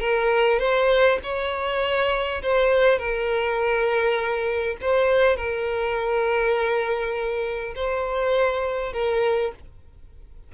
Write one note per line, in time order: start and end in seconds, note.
0.00 0.59 A#4
0.59 1.19 C5
1.23 2.42 C#5
2.42 2.98 C5
2.98 4.77 A#4
4.81 5.37 C5
5.37 7.74 A#4
7.75 8.93 C5
8.93 9.52 A#4